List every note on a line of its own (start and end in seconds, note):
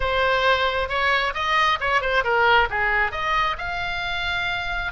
0.00 0.88 C5
0.88 1.33 C#5
1.34 1.78 D#5
1.80 2.01 C#5
2.01 2.23 C5
2.23 2.68 A#4
2.70 3.11 G#4
3.11 3.56 D#5
3.58 4.92 F5